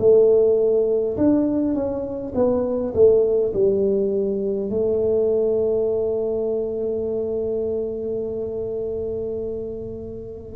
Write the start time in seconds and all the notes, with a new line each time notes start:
0.00 A3
1.18 D4
1.75 C#4
2.35 B3
2.95 A3
3.54 G3
4.71 A3